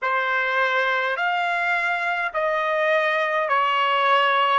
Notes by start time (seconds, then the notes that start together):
0.02 C5
1.16 F5
2.33 D#5
3.49 C#5